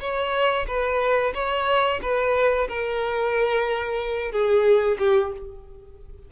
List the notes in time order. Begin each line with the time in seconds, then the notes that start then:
0.00 C#5
0.67 B4
1.34 C#5
2.02 B4
2.68 A#4
4.32 G#4
4.99 G4